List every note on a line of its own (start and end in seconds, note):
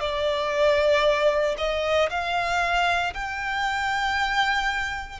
0.00 1.55 D5
1.58 2.09 D#5
2.09 3.13 F5
3.14 5.20 G5